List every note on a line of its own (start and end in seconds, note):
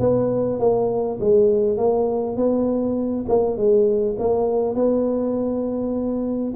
0.00 0.59 B3
0.60 1.19 A#3
1.21 1.78 G#3
1.78 2.37 A#3
2.37 3.26 B3
3.29 3.57 A#3
3.57 4.16 G#3
4.19 4.76 A#3
4.76 6.54 B3